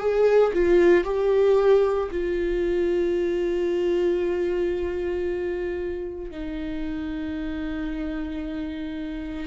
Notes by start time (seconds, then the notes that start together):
0.00 G#4
0.54 F4
1.05 G4
2.11 F4
6.32 D#4